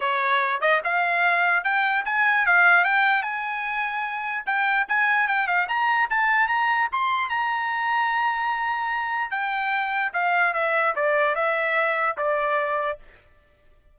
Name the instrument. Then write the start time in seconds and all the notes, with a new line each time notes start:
trumpet
0.00 C#5
0.60 D#5
0.84 F5
1.64 G5
2.05 G#5
2.46 F5
2.84 G5
3.22 G#5
4.45 G5
4.88 G#5
5.27 G5
5.47 F5
5.68 A#5
6.09 A5
6.47 A#5
6.91 C6
7.29 A#5
9.30 G5
10.13 F5
10.53 E5
10.95 D5
11.35 E5
12.17 D5